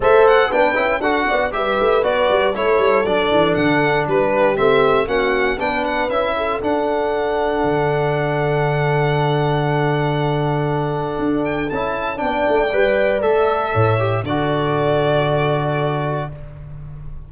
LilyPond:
<<
  \new Staff \with { instrumentName = "violin" } { \time 4/4 \tempo 4 = 118 e''8 fis''8 g''4 fis''4 e''4 | d''4 cis''4 d''4 fis''4 | b'4 e''4 fis''4 g''8 fis''8 | e''4 fis''2.~ |
fis''1~ | fis''2~ fis''8 g''8 a''4 | g''2 e''2 | d''1 | }
  \new Staff \with { instrumentName = "horn" } { \time 4/4 c''4 b'4 a'8 d''8 b'4~ | b'4 a'2. | g'2 fis'4 b'4~ | b'8 a'2.~ a'8~ |
a'1~ | a'1 | d''2. cis''4 | a'1 | }
  \new Staff \with { instrumentName = "trombone" } { \time 4/4 a'4 d'8 e'8 fis'4 g'4 | fis'4 e'4 d'2~ | d'4 c'4 cis'4 d'4 | e'4 d'2.~ |
d'1~ | d'2. e'4 | d'4 b'4 a'4. g'8 | fis'1 | }
  \new Staff \with { instrumentName = "tuba" } { \time 4/4 a4 b8 cis'8 d'8 b8 g8 a8 | b8 g8 a8 g8 fis8 e8 d4 | g4 a4 ais4 b4 | cis'4 d'2 d4~ |
d1~ | d2 d'4 cis'4 | b8 a8 g4 a4 a,4 | d1 | }
>>